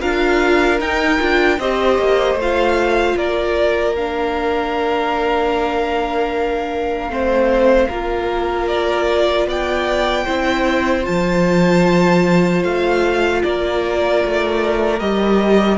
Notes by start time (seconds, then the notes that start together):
0.00 D4 F4 A#4 F5
0.79 D#4 G5
1.19 D4 F4
1.58 C4 G4 C5 D#5
1.98 A#3
2.34 A3 F4
2.41 F5
3.16 A#3 A#4 D5
3.96 D4 F5
7.08 A3 C4 C5
7.88 A#3 F4 A#4
8.68 D5
9.46 B3 D5 G5
10.25 C4 E4 C5
11.03 F3 F4 A5
12.64 A3 F5
13.43 A#3 A#4 D5
14.25 A3
14.99 G3 G4 D#5